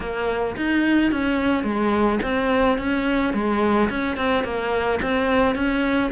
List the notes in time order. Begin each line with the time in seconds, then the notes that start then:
0.00 A#3
0.56 D#4
1.11 C#4
1.63 G#3
2.22 C4
2.78 C#4
3.33 G#3
3.89 C#4
4.16 C4
4.43 A#3
5.02 C4
5.55 C#4